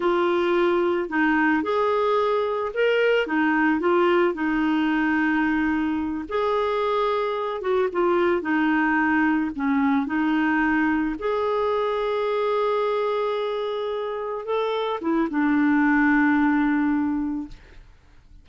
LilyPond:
\new Staff \with { instrumentName = "clarinet" } { \time 4/4 \tempo 4 = 110 f'2 dis'4 gis'4~ | gis'4 ais'4 dis'4 f'4 | dis'2.~ dis'8 gis'8~ | gis'2 fis'8 f'4 dis'8~ |
dis'4. cis'4 dis'4.~ | dis'8 gis'2.~ gis'8~ | gis'2~ gis'8 a'4 e'8 | d'1 | }